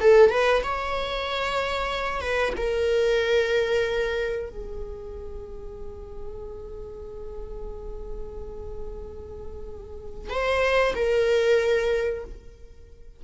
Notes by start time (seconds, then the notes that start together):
0.00 A4
0.30 B4
0.63 C#5
2.21 B4
2.56 A#4
4.49 G#4
10.29 C5
10.95 A#4